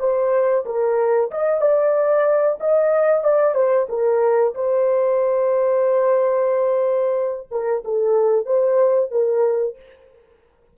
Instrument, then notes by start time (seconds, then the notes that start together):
horn
0.00 C5
0.66 A#4
1.31 D#5
1.61 D5
2.61 D#5
3.24 D5
3.55 C5
3.89 A#4
4.55 C5
7.51 A#4
7.85 A4
8.46 C5
9.12 A#4